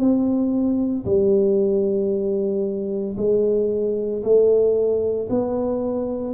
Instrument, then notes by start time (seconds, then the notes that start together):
tuba
0.00 C4
1.06 G3
3.18 G#3
4.24 A3
5.30 B3